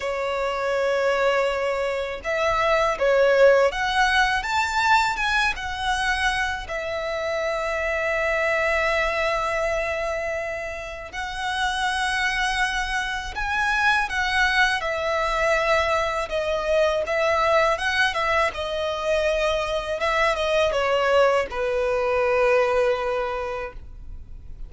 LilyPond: \new Staff \with { instrumentName = "violin" } { \time 4/4 \tempo 4 = 81 cis''2. e''4 | cis''4 fis''4 a''4 gis''8 fis''8~ | fis''4 e''2.~ | e''2. fis''4~ |
fis''2 gis''4 fis''4 | e''2 dis''4 e''4 | fis''8 e''8 dis''2 e''8 dis''8 | cis''4 b'2. | }